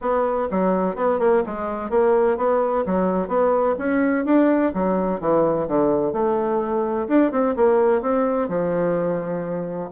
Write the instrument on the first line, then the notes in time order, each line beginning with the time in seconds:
bassoon
0.01 B3
0.50 F#3
0.95 B3
1.19 A#3
1.45 G#3
1.90 A#3
2.37 B3
2.86 F#3
3.28 B3
3.78 C#4
4.25 D4
4.74 F#3
5.20 E3
5.67 D3
6.13 A3
7.08 D4
7.31 C4
7.56 A#3
8.01 C4
8.48 F3